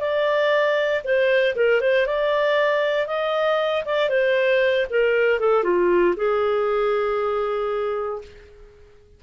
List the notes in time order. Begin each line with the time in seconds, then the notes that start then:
0.00 D5
1.04 C5
1.56 A#4
1.81 C5
2.07 D5
3.07 D#5
3.85 D5
4.09 C5
4.90 A#4
5.39 A4
5.64 F4
6.17 G#4